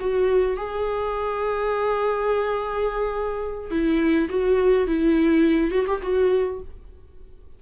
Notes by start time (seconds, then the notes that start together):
0.00 F#4
0.57 G#4
3.71 E4
4.30 F#4
4.87 E4
5.71 F#4
5.87 G4
6.02 F#4